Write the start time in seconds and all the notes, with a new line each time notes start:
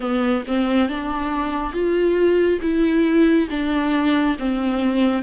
0.00 B3
0.47 C4
0.89 D4
1.72 F4
2.61 E4
3.50 D4
4.38 C4